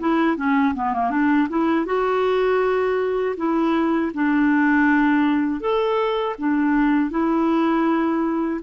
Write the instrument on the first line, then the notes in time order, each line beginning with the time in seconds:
clarinet
0.00 E4
0.37 C#4
0.75 B3
0.94 A#3
1.11 D4
1.49 E4
1.86 F#4
3.37 E4
4.15 D4
5.61 A4
6.39 D4
7.11 E4